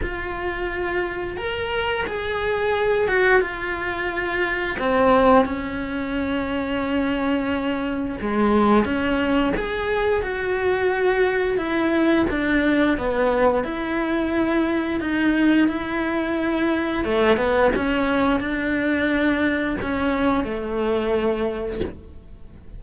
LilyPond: \new Staff \with { instrumentName = "cello" } { \time 4/4 \tempo 4 = 88 f'2 ais'4 gis'4~ | gis'8 fis'8 f'2 c'4 | cis'1 | gis4 cis'4 gis'4 fis'4~ |
fis'4 e'4 d'4 b4 | e'2 dis'4 e'4~ | e'4 a8 b8 cis'4 d'4~ | d'4 cis'4 a2 | }